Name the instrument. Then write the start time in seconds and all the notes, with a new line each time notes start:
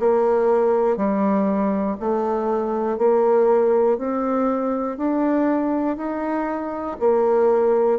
bassoon
0.00 A#3
0.97 G3
2.00 A3
2.98 A#3
3.98 C4
4.97 D4
5.97 D#4
7.00 A#3